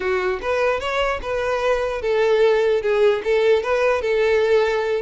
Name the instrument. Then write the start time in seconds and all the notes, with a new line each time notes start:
violin
0.00 F#4
0.41 B4
0.79 C#5
1.22 B4
2.01 A4
2.82 G#4
3.23 A4
3.63 B4
4.01 A4